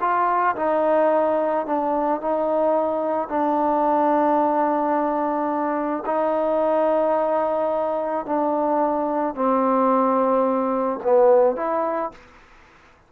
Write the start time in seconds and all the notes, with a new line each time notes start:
0.00 F4
0.56 D#4
1.66 D4
2.21 D#4
3.28 D4
6.06 D#4
8.25 D4
9.35 C4
11.03 B3
11.56 E4